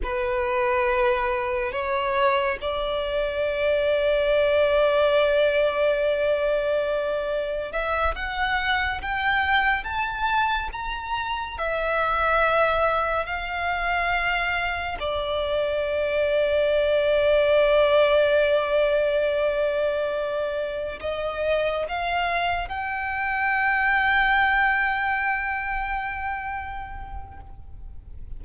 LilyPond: \new Staff \with { instrumentName = "violin" } { \time 4/4 \tempo 4 = 70 b'2 cis''4 d''4~ | d''1~ | d''4 e''8 fis''4 g''4 a''8~ | a''8 ais''4 e''2 f''8~ |
f''4. d''2~ d''8~ | d''1~ | d''8 dis''4 f''4 g''4.~ | g''1 | }